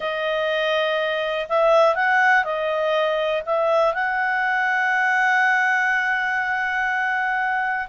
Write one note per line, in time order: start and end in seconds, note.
0.00 1.47 D#5
1.48 1.95 E5
1.95 2.44 F#5
2.44 3.42 D#5
3.45 3.94 E5
3.94 7.87 F#5